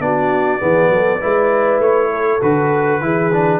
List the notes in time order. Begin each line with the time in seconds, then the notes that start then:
0.00 B3 D4 F#4 D5
0.60 E3 B3 G#4
0.90 F#3 A4
1.20 G#3 E4 B4
1.79 A3 C#5
2.12 A4
2.42 D3 F#4 B4
3.02 E3 E4 G#4
3.33 D4